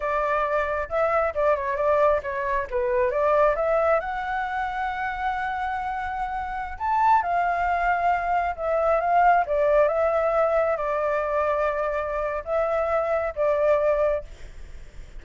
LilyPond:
\new Staff \with { instrumentName = "flute" } { \time 4/4 \tempo 4 = 135 d''2 e''4 d''8 cis''8 | d''4 cis''4 b'4 d''4 | e''4 fis''2.~ | fis''2.~ fis''16 a''8.~ |
a''16 f''2. e''8.~ | e''16 f''4 d''4 e''4.~ e''16~ | e''16 d''2.~ d''8. | e''2 d''2 | }